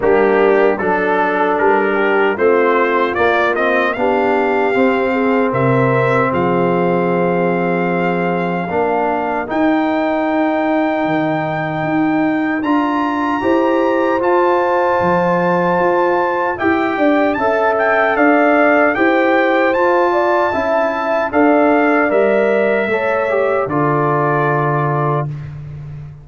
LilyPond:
<<
  \new Staff \with { instrumentName = "trumpet" } { \time 4/4 \tempo 4 = 76 g'4 a'4 ais'4 c''4 | d''8 dis''8 f''2 e''4 | f''1 | g''1 |
ais''2 a''2~ | a''4 g''4 a''8 g''8 f''4 | g''4 a''2 f''4 | e''2 d''2 | }
  \new Staff \with { instrumentName = "horn" } { \time 4/4 d'4 a'4. g'8 f'4~ | f'4 g'4. gis'8 ais'4 | gis'2. ais'4~ | ais'1~ |
ais'4 c''2.~ | c''4 e''8 d''8 e''4 d''4 | c''4. d''8 e''4 d''4~ | d''4 cis''4 a'2 | }
  \new Staff \with { instrumentName = "trombone" } { \time 4/4 ais4 d'2 c'4 | ais8 c'8 d'4 c'2~ | c'2. d'4 | dis'1 |
f'4 g'4 f'2~ | f'4 g'4 a'2 | g'4 f'4 e'4 a'4 | ais'4 a'8 g'8 f'2 | }
  \new Staff \with { instrumentName = "tuba" } { \time 4/4 g4 fis4 g4 a4 | ais4 b4 c'4 c4 | f2. ais4 | dis'2 dis4 dis'4 |
d'4 e'4 f'4 f4 | f'4 e'8 d'8 cis'4 d'4 | e'4 f'4 cis'4 d'4 | g4 a4 d2 | }
>>